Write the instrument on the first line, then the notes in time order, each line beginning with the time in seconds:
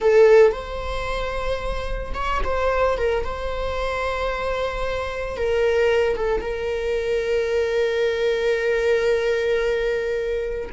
viola
0.00 A4
0.52 C5
2.14 C#5
2.44 C5
2.97 A#4
3.24 C5
5.36 A#4
6.16 A4
6.41 A#4